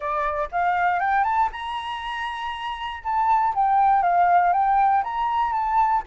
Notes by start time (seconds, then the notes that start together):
0.00 D5
0.51 F5
0.99 G5
1.24 A5
1.52 A#5
3.03 A5
3.55 G5
4.02 F5
4.52 G5
5.03 A#5
5.52 A5